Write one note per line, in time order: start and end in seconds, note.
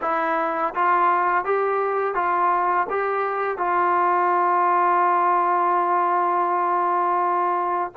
0.01 0.74 E4
0.74 1.45 F4
1.45 2.14 G4
2.14 2.87 F4
2.89 3.58 G4
3.58 7.91 F4